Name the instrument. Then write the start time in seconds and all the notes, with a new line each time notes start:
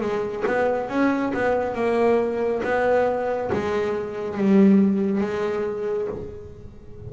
double bass
0.00 G#3
0.46 B3
0.89 C#4
1.33 B3
1.74 A#3
2.63 B3
3.52 G#3
4.37 G3
5.21 G#3